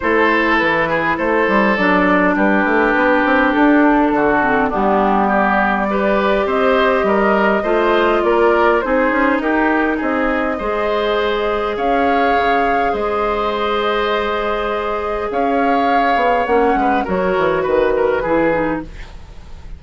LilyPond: <<
  \new Staff \with { instrumentName = "flute" } { \time 4/4 \tempo 4 = 102 c''4 b'4 c''4 d''4 | b'2 a'2 | g'4 d''2 dis''4~ | dis''2 d''4 c''4 |
ais'4 dis''2. | f''2 dis''2~ | dis''2 f''2 | fis''4 cis''4 b'2 | }
  \new Staff \with { instrumentName = "oboe" } { \time 4/4 a'4. gis'8 a'2 | g'2. fis'4 | d'4 g'4 b'4 c''4 | ais'4 c''4 ais'4 gis'4 |
g'4 gis'4 c''2 | cis''2 c''2~ | c''2 cis''2~ | cis''8 b'8 ais'4 b'8 ais'8 gis'4 | }
  \new Staff \with { instrumentName = "clarinet" } { \time 4/4 e'2. d'4~ | d'2.~ d'8 c'8 | b2 g'2~ | g'4 f'2 dis'4~ |
dis'2 gis'2~ | gis'1~ | gis'1 | cis'4 fis'2 e'8 dis'8 | }
  \new Staff \with { instrumentName = "bassoon" } { \time 4/4 a4 e4 a8 g8 fis4 | g8 a8 b8 c'8 d'4 d4 | g2. c'4 | g4 a4 ais4 c'8 cis'8 |
dis'4 c'4 gis2 | cis'4 cis4 gis2~ | gis2 cis'4. b8 | ais8 gis8 fis8 e8 dis4 e4 | }
>>